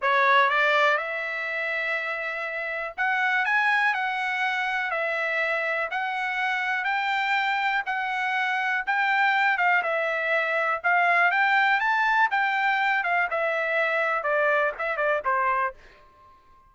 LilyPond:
\new Staff \with { instrumentName = "trumpet" } { \time 4/4 \tempo 4 = 122 cis''4 d''4 e''2~ | e''2 fis''4 gis''4 | fis''2 e''2 | fis''2 g''2 |
fis''2 g''4. f''8 | e''2 f''4 g''4 | a''4 g''4. f''8 e''4~ | e''4 d''4 e''8 d''8 c''4 | }